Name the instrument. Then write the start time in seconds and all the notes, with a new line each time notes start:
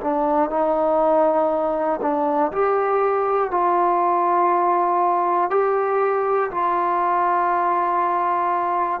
trombone
0.00 D4
0.50 D#4
2.01 D4
2.52 G4
3.50 F4
5.50 G4
6.50 F4